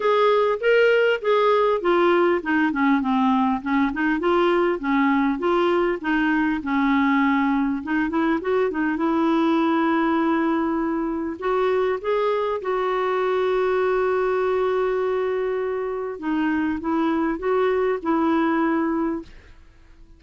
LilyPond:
\new Staff \with { instrumentName = "clarinet" } { \time 4/4 \tempo 4 = 100 gis'4 ais'4 gis'4 f'4 | dis'8 cis'8 c'4 cis'8 dis'8 f'4 | cis'4 f'4 dis'4 cis'4~ | cis'4 dis'8 e'8 fis'8 dis'8 e'4~ |
e'2. fis'4 | gis'4 fis'2.~ | fis'2. dis'4 | e'4 fis'4 e'2 | }